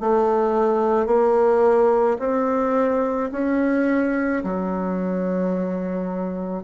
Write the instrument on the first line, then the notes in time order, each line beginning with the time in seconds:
bassoon
0.00 A3
1.06 A#3
2.19 C4
3.31 C#4
4.43 F#3